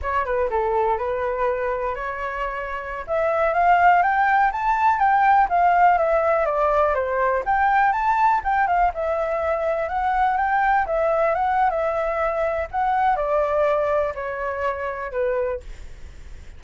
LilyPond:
\new Staff \with { instrumentName = "flute" } { \time 4/4 \tempo 4 = 123 cis''8 b'8 a'4 b'2 | cis''2~ cis''16 e''4 f''8.~ | f''16 g''4 a''4 g''4 f''8.~ | f''16 e''4 d''4 c''4 g''8.~ |
g''16 a''4 g''8 f''8 e''4.~ e''16~ | e''16 fis''4 g''4 e''4 fis''8. | e''2 fis''4 d''4~ | d''4 cis''2 b'4 | }